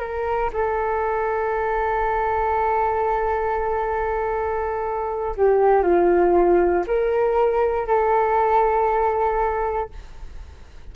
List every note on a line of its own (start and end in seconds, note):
0.00 0.51 A#4
0.53 5.36 A4
5.37 5.83 G4
5.83 6.85 F4
6.87 7.87 A#4
7.87 9.91 A4